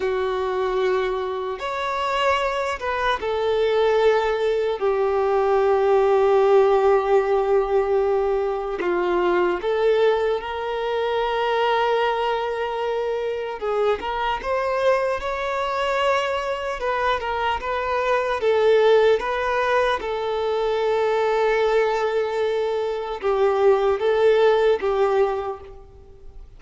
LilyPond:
\new Staff \with { instrumentName = "violin" } { \time 4/4 \tempo 4 = 75 fis'2 cis''4. b'8 | a'2 g'2~ | g'2. f'4 | a'4 ais'2.~ |
ais'4 gis'8 ais'8 c''4 cis''4~ | cis''4 b'8 ais'8 b'4 a'4 | b'4 a'2.~ | a'4 g'4 a'4 g'4 | }